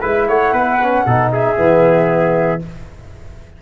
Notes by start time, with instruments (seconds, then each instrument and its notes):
0.00 tuba G#3, trombone E4, trumpet B4, flute E5
0.28 tuba A3, trumpet C#5, flute F#5
0.52 tuba B3, trumpet B4
0.82 trombone C#4
1.06 tuba B2, trombone D#4, trumpet A4
1.32 trumpet G#4, flute E5
1.56 tuba E3, trombone B3